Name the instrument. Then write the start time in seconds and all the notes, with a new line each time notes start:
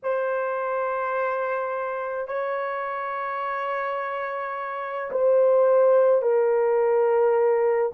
horn
0.03 C5
2.27 C#5
5.11 C5
6.22 A#4